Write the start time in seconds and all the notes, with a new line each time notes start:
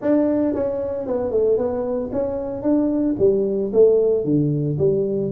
0.01 D4
0.54 C#4
1.06 B3
1.31 A3
1.57 B3
2.12 C#4
2.62 D4
3.19 G3
3.73 A3
4.24 D3
4.78 G3